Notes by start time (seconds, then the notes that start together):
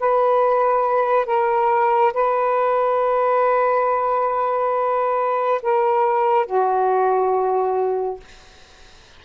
0.00 B4
1.26 A#4
2.13 B4
5.62 A#4
6.46 F#4